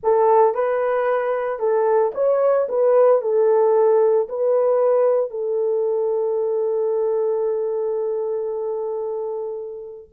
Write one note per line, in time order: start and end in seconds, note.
0.03 0.54 A4
0.54 1.59 B4
1.59 2.12 A4
2.14 2.67 C#5
2.68 3.21 B4
3.21 4.27 A4
4.29 5.30 B4
5.30 10.08 A4